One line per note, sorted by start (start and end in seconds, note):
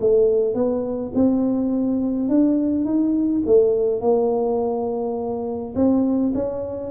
0.00 0.54 A3
0.54 1.12 B3
1.14 2.29 C4
2.29 2.85 D4
2.85 3.42 D#4
3.46 4.01 A3
4.01 5.74 A#3
5.75 6.33 C4
6.34 6.90 C#4